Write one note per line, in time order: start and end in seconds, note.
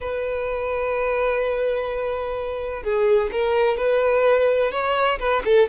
0.00 2.83 B4
2.83 3.30 G#4
3.32 3.77 A#4
3.77 4.71 B4
4.71 5.18 C#5
5.19 5.42 B4
5.45 5.68 A4